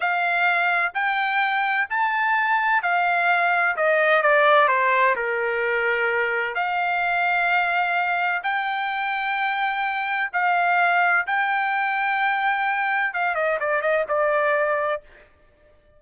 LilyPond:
\new Staff \with { instrumentName = "trumpet" } { \time 4/4 \tempo 4 = 128 f''2 g''2 | a''2 f''2 | dis''4 d''4 c''4 ais'4~ | ais'2 f''2~ |
f''2 g''2~ | g''2 f''2 | g''1 | f''8 dis''8 d''8 dis''8 d''2 | }